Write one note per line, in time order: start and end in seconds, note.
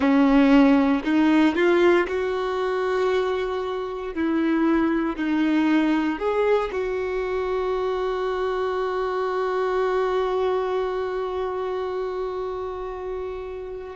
0.00 1.03 C#4
1.03 1.55 D#4
1.55 2.06 F4
2.07 4.14 F#4
4.14 5.16 E4
5.16 6.18 D#4
6.18 6.70 G#4
6.71 13.96 F#4